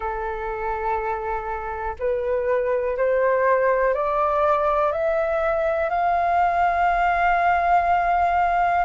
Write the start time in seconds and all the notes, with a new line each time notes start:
0.00 A4
1.99 B4
2.97 C5
3.93 D5
4.92 E5
5.89 F5